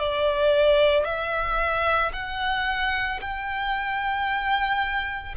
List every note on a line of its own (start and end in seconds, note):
0.00 1.05 D5
1.05 2.12 E5
2.13 3.20 F#5
3.21 5.36 G5